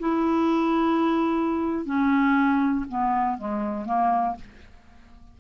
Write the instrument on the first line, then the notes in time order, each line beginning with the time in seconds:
clarinet
0.00 E4
1.86 C#4
2.89 B3
3.38 G#3
3.85 A#3